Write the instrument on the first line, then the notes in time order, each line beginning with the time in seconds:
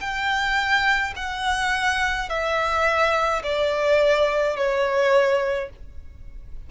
violin
0.00 G5
1.16 F#5
2.29 E5
3.43 D5
4.56 C#5